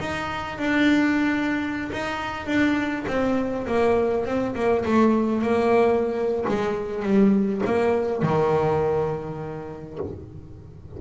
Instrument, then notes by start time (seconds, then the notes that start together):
double bass
0.00 D#4
0.59 D4
1.92 D#4
2.47 D4
3.08 C4
3.67 A#3
4.26 C4
4.56 A#3
4.86 A3
5.43 A#3
6.49 G#3
7.03 G3
7.66 A#3
8.23 D#3